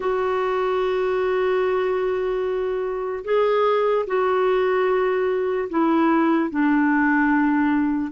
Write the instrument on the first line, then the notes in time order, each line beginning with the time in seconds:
clarinet
0.00 F#4
3.24 G#4
4.06 F#4
5.69 E4
6.49 D4